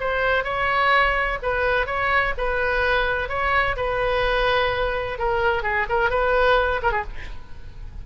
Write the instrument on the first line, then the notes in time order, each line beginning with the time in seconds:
oboe
0.00 C5
0.44 C#5
1.43 B4
1.86 C#5
2.38 B4
3.29 C#5
3.77 B4
5.19 A#4
5.63 G#4
5.89 A#4
6.10 B4
6.83 A#4
6.92 G#4